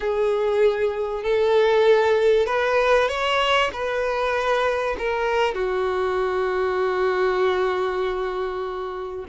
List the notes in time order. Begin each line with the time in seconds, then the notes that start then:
0.00 G#4
1.23 A4
2.46 B4
3.08 C#5
3.73 B4
4.98 A#4
5.54 F#4